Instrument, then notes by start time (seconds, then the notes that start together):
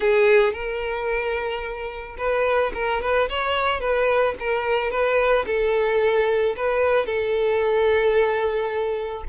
violin
0.00 G#4
0.53 A#4
2.17 B4
2.74 A#4
3.01 B4
3.29 C#5
3.80 B4
4.39 A#4
4.90 B4
5.46 A4
6.56 B4
7.05 A4